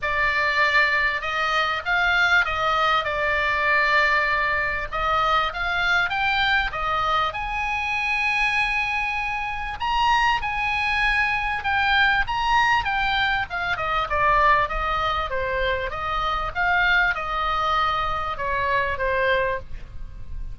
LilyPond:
\new Staff \with { instrumentName = "oboe" } { \time 4/4 \tempo 4 = 98 d''2 dis''4 f''4 | dis''4 d''2. | dis''4 f''4 g''4 dis''4 | gis''1 |
ais''4 gis''2 g''4 | ais''4 g''4 f''8 dis''8 d''4 | dis''4 c''4 dis''4 f''4 | dis''2 cis''4 c''4 | }